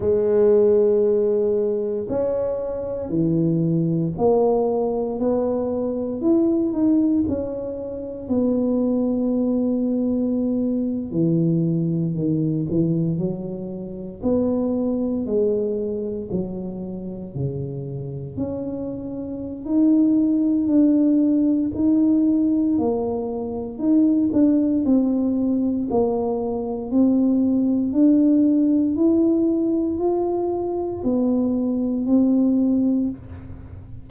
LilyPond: \new Staff \with { instrumentName = "tuba" } { \time 4/4 \tempo 4 = 58 gis2 cis'4 e4 | ais4 b4 e'8 dis'8 cis'4 | b2~ b8. e4 dis16~ | dis16 e8 fis4 b4 gis4 fis16~ |
fis8. cis4 cis'4~ cis'16 dis'4 | d'4 dis'4 ais4 dis'8 d'8 | c'4 ais4 c'4 d'4 | e'4 f'4 b4 c'4 | }